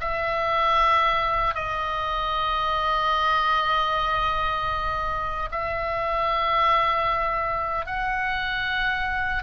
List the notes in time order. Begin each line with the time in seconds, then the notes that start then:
0.00 E5
1.54 D#5
5.51 E5
7.86 F#5